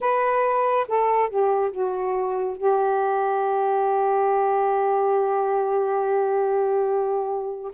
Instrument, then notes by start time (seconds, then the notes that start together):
saxophone
0.00 B4
0.88 A4
1.29 G4
1.71 F#4
2.57 G4